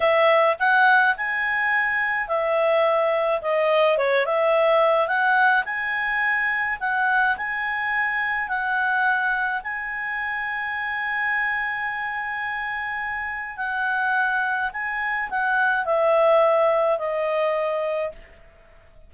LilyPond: \new Staff \with { instrumentName = "clarinet" } { \time 4/4 \tempo 4 = 106 e''4 fis''4 gis''2 | e''2 dis''4 cis''8 e''8~ | e''4 fis''4 gis''2 | fis''4 gis''2 fis''4~ |
fis''4 gis''2.~ | gis''1 | fis''2 gis''4 fis''4 | e''2 dis''2 | }